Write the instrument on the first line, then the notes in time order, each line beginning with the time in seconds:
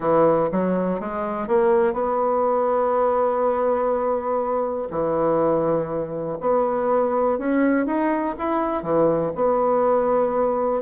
bassoon
0.00 E3
0.51 F#3
1.00 G#3
1.47 A#3
1.93 B3
4.90 E3
6.40 B3
7.38 C#4
7.86 D#4
8.38 E4
8.83 E3
9.35 B3